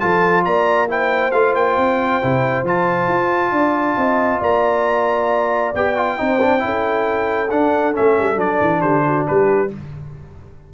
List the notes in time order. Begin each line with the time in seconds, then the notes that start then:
0.00 F3 F4 A4 A5
0.45 A#3 D5 A#5
0.88 E4 C5 G5
1.32 A3 F4 F5
1.55 A#3 G5
1.77 C4
2.23 C3 E4
2.64 F3 F4 A5
3.08 F4
3.52 D4 D5
3.97 C4 D#5
4.41 A#3 D5 A#5
5.74 B3 G4 G5
5.97 F4
6.18 C4 D#4 C5
6.41 D4
6.59 C#4 E4 A4
7.51 D4 F#5
7.93 C#4 E5
7.99 A3
8.18 G3
8.36 F#3 D4 D5
8.61 E3
8.81 D3 G4 C5
9.06 F#4
9.28 G3 G4 B4